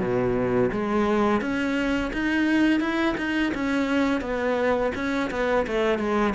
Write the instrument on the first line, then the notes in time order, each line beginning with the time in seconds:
cello
0.00 B2
0.72 G#3
1.41 C#4
2.13 D#4
2.80 E4
3.17 D#4
3.54 C#4
4.21 B3
4.95 C#4
5.31 B3
5.67 A3
5.99 G#3